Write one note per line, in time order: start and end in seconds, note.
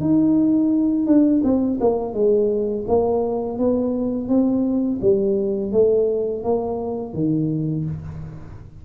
0.00 1.06 D#4
1.06 1.42 D4
1.43 1.79 C4
1.80 2.13 A#3
2.13 2.85 G#3
2.87 3.58 A#3
3.58 4.28 B3
4.28 4.99 C4
5.01 5.72 G3
5.72 6.43 A3
6.43 7.13 A#3
7.13 7.85 D#3